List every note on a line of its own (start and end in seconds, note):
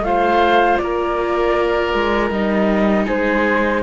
0.00 0.76 A3
0.00 2.32 F4
0.00 0.82 C5
0.00 0.77 F5
0.77 1.94 A#3
0.77 3.05 A#4
0.77 2.29 D5
1.94 2.30 G#3
2.30 3.06 G3
2.30 3.83 D#4
2.30 3.06 D#5
3.05 3.83 G#3
3.05 3.81 G#4
3.05 3.83 C5